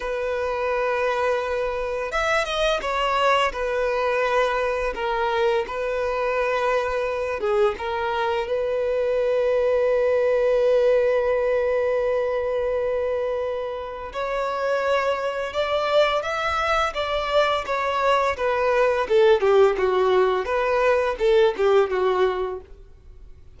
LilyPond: \new Staff \with { instrumentName = "violin" } { \time 4/4 \tempo 4 = 85 b'2. e''8 dis''8 | cis''4 b'2 ais'4 | b'2~ b'8 gis'8 ais'4 | b'1~ |
b'1 | cis''2 d''4 e''4 | d''4 cis''4 b'4 a'8 g'8 | fis'4 b'4 a'8 g'8 fis'4 | }